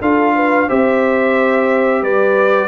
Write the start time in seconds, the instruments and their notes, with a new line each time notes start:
0.00 tuba D4, trombone F4, horn A4, trumpet F5
0.35 horn B4
0.68 tuba C4, trombone G4, horn C5, trumpet E5
2.01 tuba G3, horn B4, trumpet D5